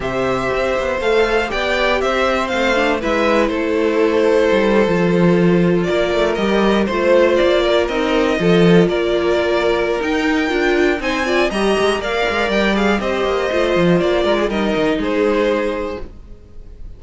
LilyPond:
<<
  \new Staff \with { instrumentName = "violin" } { \time 4/4 \tempo 4 = 120 e''2 f''4 g''4 | e''4 f''4 e''4 c''4~ | c''2.~ c''8. d''16~ | d''8. dis''4 c''4 d''4 dis''16~ |
dis''4.~ dis''16 d''2~ d''16 | g''2 gis''4 ais''4 | f''4 g''8 f''8 dis''2 | d''4 dis''4 c''2 | }
  \new Staff \with { instrumentName = "violin" } { \time 4/4 c''2. d''4 | c''2 b'4 a'4~ | a'2.~ a'8. ais'16~ | ais'4.~ ais'16 c''4. ais'8.~ |
ais'8. a'4 ais'2~ ais'16~ | ais'2 c''8 d''8 dis''4 | d''2 c''2~ | c''8 ais'16 gis'16 ais'4 gis'2 | }
  \new Staff \with { instrumentName = "viola" } { \time 4/4 g'2 a'4 g'4~ | g'4 c'8 d'8 e'2~ | e'4.~ e'16 f'2~ f'16~ | f'8. g'4 f'2 dis'16~ |
dis'8. f'2.~ f'16 | dis'4 f'4 dis'8 f'8 g'4 | ais'4. gis'8 g'4 f'4~ | f'4 dis'2. | }
  \new Staff \with { instrumentName = "cello" } { \time 4/4 c4 c'8 b8 a4 b4 | c'4 a4 gis4 a4~ | a4 g8. f2 ais16~ | ais16 a8 g4 a4 ais4 c'16~ |
c'8. f4 ais2~ ais16 | dis'4 d'4 c'4 g8 gis8 | ais8 gis8 g4 c'8 ais8 a8 f8 | ais8 gis8 g8 dis8 gis2 | }
>>